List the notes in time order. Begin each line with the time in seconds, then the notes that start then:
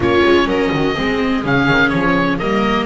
0.00 A#3 C#4 F4 C#5
0.25 G#3
0.45 F#3 A#4 D#5
0.72 D#3 F#4
0.94 G#3 C4 G#4
1.44 C#3 C#4 F5
1.68 D#3
1.89 F3 C#5
2.39 G3 A#3 A#4 D#5